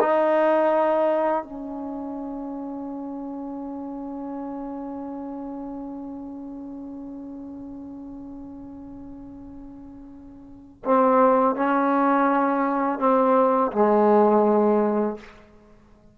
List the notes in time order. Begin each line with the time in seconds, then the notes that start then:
0.00 D#4
1.44 C#4
10.85 C4
11.56 C#4
12.99 C4
13.72 G#3